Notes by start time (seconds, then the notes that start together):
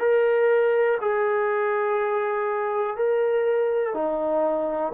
0.00 A#4
1.01 G#4
2.97 A#4
3.94 D#4